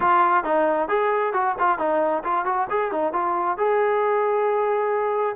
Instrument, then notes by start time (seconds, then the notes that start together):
trombone
0.00 F4
0.44 D#4
0.88 G#4
1.33 F#4
1.59 F4
1.78 D#4
2.24 F4
2.45 F#4
2.69 G#4
2.91 D#4
3.12 F4
3.57 G#4